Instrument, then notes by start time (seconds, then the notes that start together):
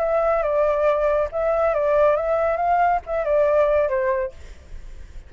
flute
0.00 E5
0.43 D5
1.32 E5
1.75 D5
2.17 E5
2.57 F5
3.07 E5
3.25 D5
3.89 C5